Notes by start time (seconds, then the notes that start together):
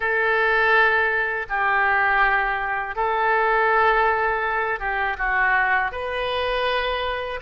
0.00 A4
1.48 G4
2.95 A4
4.79 G4
5.17 F#4
5.91 B4